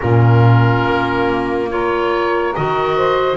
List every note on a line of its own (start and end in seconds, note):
0.01 0.84 A#2
0.01 1.69 C#4
0.01 1.70 F4
0.01 1.70 A#4
0.84 2.53 A#3
1.69 2.54 F4
1.69 2.96 A#4
1.69 2.55 C#5
2.55 3.37 D#3
2.55 3.37 F#4
2.55 3.37 D#5
2.96 3.37 C5